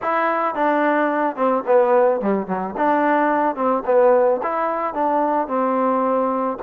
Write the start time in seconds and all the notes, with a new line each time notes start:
0.02 E4
0.54 D4
1.36 C4
1.66 B3
2.20 G3
2.46 F#3
2.77 D4
3.55 C4
3.85 B3
4.42 E4
4.94 D4
5.47 C4